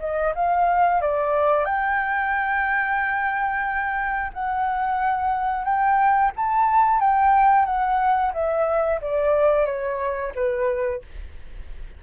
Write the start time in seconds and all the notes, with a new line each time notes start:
0.00 D#5
0.35 F5
1.02 D5
1.65 G5
4.34 F#5
5.65 G5
6.36 A5
7.01 G5
7.66 F#5
8.34 E5
9.02 D5
9.66 C#5
10.35 B4